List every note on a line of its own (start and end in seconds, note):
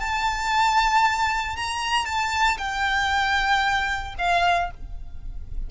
0.00 1.56 A5
1.56 2.06 A#5
2.06 2.58 A5
2.58 4.15 G5
4.19 4.71 F5